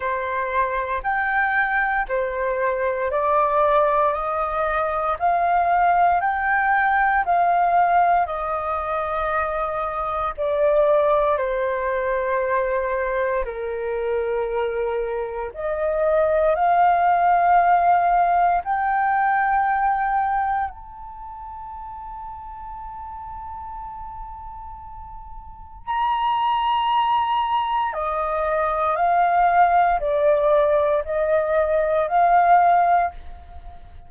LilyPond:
\new Staff \with { instrumentName = "flute" } { \time 4/4 \tempo 4 = 58 c''4 g''4 c''4 d''4 | dis''4 f''4 g''4 f''4 | dis''2 d''4 c''4~ | c''4 ais'2 dis''4 |
f''2 g''2 | a''1~ | a''4 ais''2 dis''4 | f''4 d''4 dis''4 f''4 | }